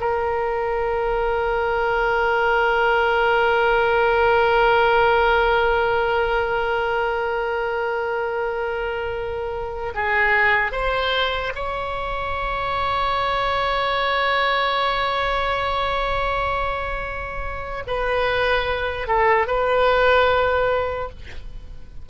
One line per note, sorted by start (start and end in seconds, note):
0.00 9.93 A#4
9.95 10.72 G#4
10.72 11.53 C5
11.55 17.83 C#5
17.87 19.08 B4
19.08 19.47 A4
19.47 21.10 B4